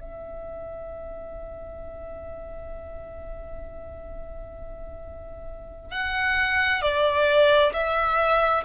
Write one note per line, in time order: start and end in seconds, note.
0.00 5.91 E5
5.91 6.82 F#5
6.82 7.73 D5
7.73 8.64 E5